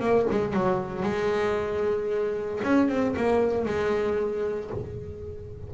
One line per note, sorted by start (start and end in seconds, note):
0.00 0.26 A#3
0.30 0.53 G#3
0.53 1.03 F#3
1.03 2.61 G#3
2.63 2.89 C#4
2.89 3.15 C4
3.17 3.65 A#3
3.65 4.70 G#3